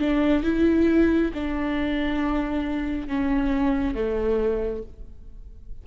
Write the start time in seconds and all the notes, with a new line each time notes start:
0.00 D4
0.44 E4
1.34 D4
3.08 C#4
3.95 A3